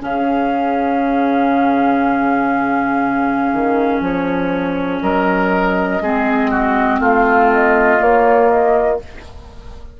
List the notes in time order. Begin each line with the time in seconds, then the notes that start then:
0.00 C#3 C#4 G#4 F5
3.52 D#3
4.00 F3 C#5
5.01 F#3 A#4 D#5
6.01 G#3 C4 G#4
6.50 F#4
6.99 A3 F4 F5
7.52 D#5
7.99 A#3 C#5
8.49 D#5